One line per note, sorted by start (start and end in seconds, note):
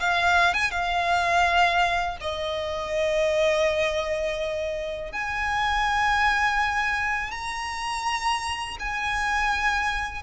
0.00 0.54 F5
0.54 0.71 G#5
0.71 2.18 F5
2.21 5.13 D#5
5.13 7.31 G#5
7.31 8.77 A#5
8.80 10.23 G#5